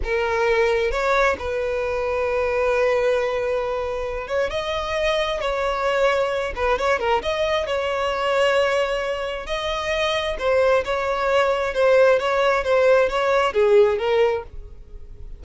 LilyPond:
\new Staff \with { instrumentName = "violin" } { \time 4/4 \tempo 4 = 133 ais'2 cis''4 b'4~ | b'1~ | b'4. cis''8 dis''2 | cis''2~ cis''8 b'8 cis''8 ais'8 |
dis''4 cis''2.~ | cis''4 dis''2 c''4 | cis''2 c''4 cis''4 | c''4 cis''4 gis'4 ais'4 | }